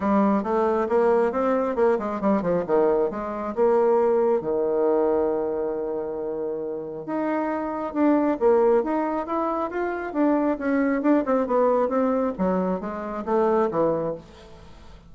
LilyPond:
\new Staff \with { instrumentName = "bassoon" } { \time 4/4 \tempo 4 = 136 g4 a4 ais4 c'4 | ais8 gis8 g8 f8 dis4 gis4 | ais2 dis2~ | dis1 |
dis'2 d'4 ais4 | dis'4 e'4 f'4 d'4 | cis'4 d'8 c'8 b4 c'4 | fis4 gis4 a4 e4 | }